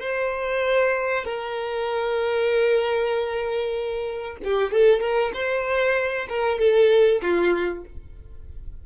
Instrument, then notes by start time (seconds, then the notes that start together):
violin
0.00 C5
1.24 A#4
4.43 G4
4.72 A4
5.00 A#4
5.33 C5
6.28 A#4
6.59 A4
7.21 F4